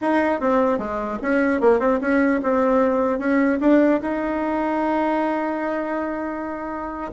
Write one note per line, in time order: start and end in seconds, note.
0.01 0.40 D#4
0.40 0.78 C4
0.78 1.18 G#3
1.21 1.61 C#4
1.61 1.79 A#3
1.79 1.99 C4
2.00 2.40 C#4
2.42 3.19 C4
3.19 3.59 C#4
3.60 4.00 D4
4.01 7.11 D#4